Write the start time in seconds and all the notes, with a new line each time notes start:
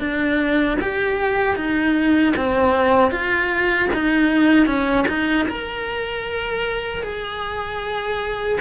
0.00 D4
0.81 G4
1.56 D#4
2.37 C4
3.12 F4
3.94 D#4
4.67 C#4
5.08 D#4
5.49 A#4
7.03 G#4